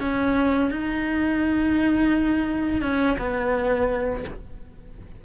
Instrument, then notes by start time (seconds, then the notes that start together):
cello
0.00 C#4
0.71 D#4
2.82 C#4
3.18 B3